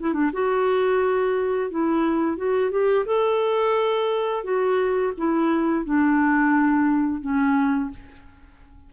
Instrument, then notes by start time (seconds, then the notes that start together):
clarinet
0.00 E4
0.13 D4
0.33 F#4
1.71 E4
2.37 F#4
2.71 G4
3.06 A4
4.44 F#4
5.18 E4
5.85 D4
7.22 C#4